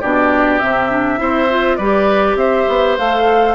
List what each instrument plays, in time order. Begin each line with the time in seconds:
0.00 bassoon B2, clarinet D4, oboe G4, flute D5
0.59 bassoon C3, clarinet C4, flute E5
0.90 clarinet D4
1.17 bassoon C4, clarinet E4, oboe C5
1.49 clarinet F4
1.76 bassoon G3, clarinet G4, oboe B4, flute D5
2.35 bassoon C4, oboe C5, flute E5
2.68 bassoon B3
2.98 bassoon A3, clarinet A4, flute F5